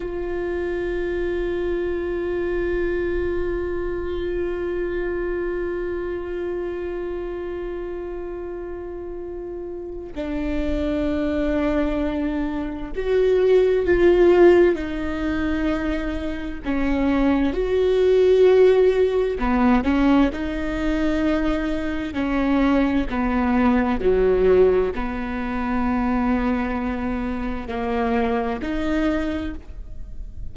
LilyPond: \new Staff \with { instrumentName = "viola" } { \time 4/4 \tempo 4 = 65 f'1~ | f'1~ | f'2. d'4~ | d'2 fis'4 f'4 |
dis'2 cis'4 fis'4~ | fis'4 b8 cis'8 dis'2 | cis'4 b4 fis4 b4~ | b2 ais4 dis'4 | }